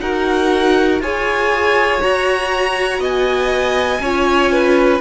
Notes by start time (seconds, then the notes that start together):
0.00 D#4 F#4 A#4 F#5
1.00 F4 G#4 C#5 G#5
2.00 F#4 A#5
2.99 B3 D#5 G#5
4.00 C#4 F4 C#5
4.52 B4